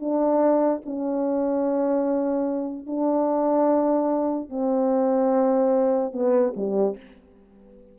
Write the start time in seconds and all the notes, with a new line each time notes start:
0.00 D4
0.86 C#4
2.87 D4
4.50 C4
6.13 B3
6.56 G3